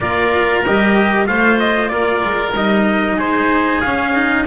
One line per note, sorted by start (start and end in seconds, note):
0.00 0.64 A#3
0.00 0.64 F4
0.00 1.28 A#4
0.00 0.63 D5
0.66 1.27 G3
0.66 1.25 G4
0.66 1.26 D#5
1.25 1.91 A3
1.25 2.52 F4
1.25 1.92 C5
1.25 1.58 F5
1.59 1.88 D#5
1.88 2.23 A#3
1.88 3.16 A#4
1.88 2.51 D5
2.24 2.55 G#3
2.55 3.15 G3
2.55 3.83 D#4
2.55 3.19 D#5
3.15 3.79 G#3
3.15 4.43 G#4
3.15 3.81 C5
3.81 4.14 C#4
3.81 4.46 C#4
3.81 4.44 F5
4.14 4.46 D#4